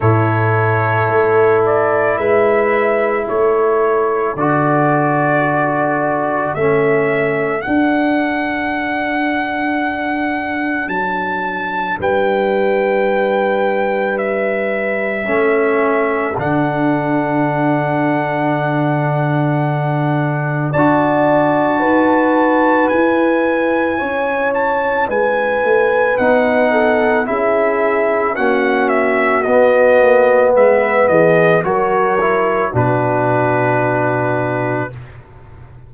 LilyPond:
<<
  \new Staff \with { instrumentName = "trumpet" } { \time 4/4 \tempo 4 = 55 cis''4. d''8 e''4 cis''4 | d''2 e''4 fis''4~ | fis''2 a''4 g''4~ | g''4 e''2 fis''4~ |
fis''2. a''4~ | a''4 gis''4. a''8 gis''4 | fis''4 e''4 fis''8 e''8 dis''4 | e''8 dis''8 cis''4 b'2 | }
  \new Staff \with { instrumentName = "horn" } { \time 4/4 a'2 b'4 a'4~ | a'1~ | a'2. b'4~ | b'2 a'2~ |
a'2. d''4 | b'2 cis''4 b'4~ | b'8 a'8 gis'4 fis'2 | b'8 gis'8 ais'4 fis'2 | }
  \new Staff \with { instrumentName = "trombone" } { \time 4/4 e'1 | fis'2 cis'4 d'4~ | d'1~ | d'2 cis'4 d'4~ |
d'2. fis'4~ | fis'4 e'2. | dis'4 e'4 cis'4 b4~ | b4 fis'8 e'8 d'2 | }
  \new Staff \with { instrumentName = "tuba" } { \time 4/4 a,4 a4 gis4 a4 | d2 a4 d'4~ | d'2 fis4 g4~ | g2 a4 d4~ |
d2. d'4 | dis'4 e'4 cis'4 gis8 a8 | b4 cis'4 ais4 b8 ais8 | gis8 e8 fis4 b,2 | }
>>